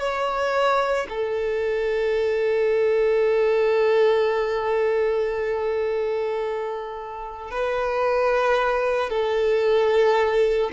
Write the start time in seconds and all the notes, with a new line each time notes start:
0.00 C#5
1.10 A4
7.51 B4
9.10 A4